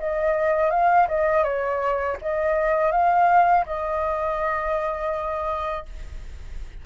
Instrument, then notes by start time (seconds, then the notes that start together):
flute
0.00 D#5
0.71 F5
1.08 D#5
1.44 C#5
2.22 D#5
2.92 F5
3.67 D#5